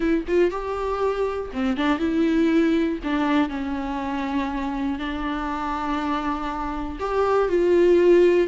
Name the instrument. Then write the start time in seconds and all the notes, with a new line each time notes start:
viola
0.00 E4
0.27 F4
0.50 G4
1.53 C4
1.76 D4
1.98 E4
3.03 D4
3.49 C#4
4.98 D4
6.99 G4
7.48 F4